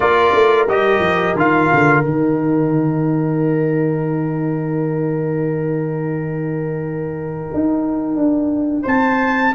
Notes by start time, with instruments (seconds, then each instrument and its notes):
0.00 tuba A#3, trombone F4, horn A#4, trumpet D5
0.33 tuba A3
0.67 tuba G3, trombone G4, trumpet D#5
0.99 tuba F3
1.35 tuba D#3, trombone F4, trumpet F5
1.73 tuba D3
2.03 tuba D#3, trombone D#4, trumpet G5
7.53 tuba D#4
8.15 tuba D4
8.82 tuba C4, horn C5, trumpet A5